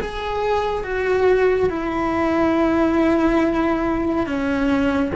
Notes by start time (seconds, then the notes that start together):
0.00 G#4
0.84 F#4
1.70 E4
4.26 C#4